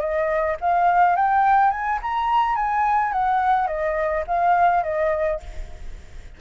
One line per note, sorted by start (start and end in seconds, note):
0.00 0.57 D#5
0.61 1.16 F5
1.16 1.71 G5
1.71 1.99 G#5
2.02 2.56 A#5
2.56 3.12 G#5
3.13 3.67 F#5
3.67 4.24 D#5
4.27 4.83 F5
4.83 5.40 D#5